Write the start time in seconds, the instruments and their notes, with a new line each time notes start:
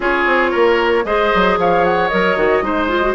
0.00 bassoon C#4, clarinet F4, oboe G#4, flute C#5
0.26 bassoon C4
0.50 bassoon A#3, oboe A#4
1.04 bassoon G#3, clarinet G#4, oboe C5, flute D#5
1.34 bassoon F#3
1.57 bassoon F3, oboe C#5, flute F5
1.84 flute F#5
2.08 bassoon F#3, clarinet A#4, flute D#5
2.36 bassoon D#3, clarinet F#4
2.62 bassoon G#3, clarinet D#4, oboe C5
2.89 clarinet F4
3.01 clarinet F#4